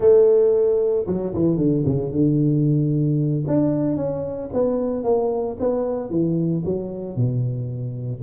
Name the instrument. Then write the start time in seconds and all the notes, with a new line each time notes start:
tuba
0.00 A3
1.06 F#3
1.34 E3
1.57 D3
1.85 C#3
2.11 D3
3.47 D4
3.96 C#4
4.53 B3
5.03 A#3
5.59 B3
6.10 E3
6.65 F#3
7.16 B2